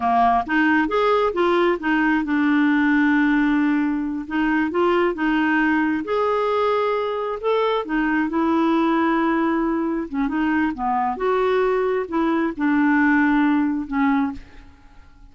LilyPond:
\new Staff \with { instrumentName = "clarinet" } { \time 4/4 \tempo 4 = 134 ais4 dis'4 gis'4 f'4 | dis'4 d'2.~ | d'4. dis'4 f'4 dis'8~ | dis'4. gis'2~ gis'8~ |
gis'8 a'4 dis'4 e'4.~ | e'2~ e'8 cis'8 dis'4 | b4 fis'2 e'4 | d'2. cis'4 | }